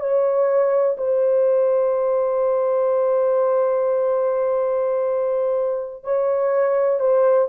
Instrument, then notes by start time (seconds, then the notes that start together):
horn
0.00 C#5
0.98 C5
6.04 C#5
7.00 C5